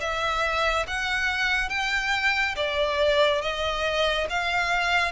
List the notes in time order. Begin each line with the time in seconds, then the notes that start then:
0.00 E5
0.87 F#5
1.69 G5
2.56 D5
3.41 D#5
4.29 F5